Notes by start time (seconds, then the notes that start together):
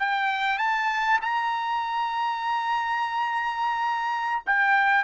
0.00 G5
0.58 A5
1.22 A#5
4.47 G5